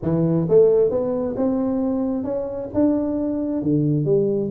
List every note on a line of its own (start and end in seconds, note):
0.02 0.47 E3
0.49 0.90 A3
0.90 1.35 B3
1.36 2.24 C4
2.24 2.69 C#4
2.74 3.62 D4
3.62 4.05 D3
4.05 4.50 G3